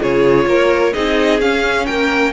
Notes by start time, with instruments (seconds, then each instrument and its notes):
0.00 cello C#3, viola F4, violin G#4 C#5
0.46 cello A#3, violin A#4
0.94 cello C4, viola D#4, violin G#4 D#5
1.41 cello C#4, viola C#4, violin F5
1.86 cello A#3, violin A#4 G5